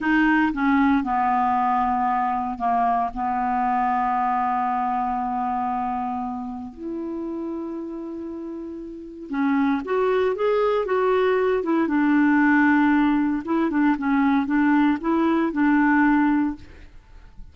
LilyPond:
\new Staff \with { instrumentName = "clarinet" } { \time 4/4 \tempo 4 = 116 dis'4 cis'4 b2~ | b4 ais4 b2~ | b1~ | b4 e'2.~ |
e'2 cis'4 fis'4 | gis'4 fis'4. e'8 d'4~ | d'2 e'8 d'8 cis'4 | d'4 e'4 d'2 | }